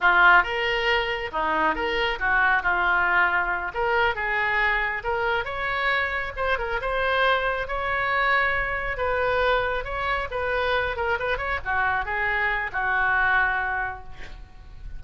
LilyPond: \new Staff \with { instrumentName = "oboe" } { \time 4/4 \tempo 4 = 137 f'4 ais'2 dis'4 | ais'4 fis'4 f'2~ | f'8 ais'4 gis'2 ais'8~ | ais'8 cis''2 c''8 ais'8 c''8~ |
c''4. cis''2~ cis''8~ | cis''8 b'2 cis''4 b'8~ | b'4 ais'8 b'8 cis''8 fis'4 gis'8~ | gis'4 fis'2. | }